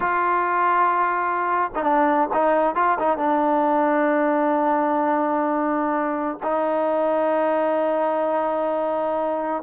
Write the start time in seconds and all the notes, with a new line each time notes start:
0.00 F4
1.75 D#4
1.83 D4
2.33 D#4
2.75 F4
2.99 D#4
3.17 D4
6.42 D#4